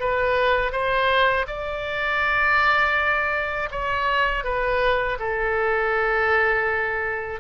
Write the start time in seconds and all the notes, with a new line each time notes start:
0.00 B4
0.72 C5
1.47 D5
3.71 C#5
4.44 B4
5.19 A4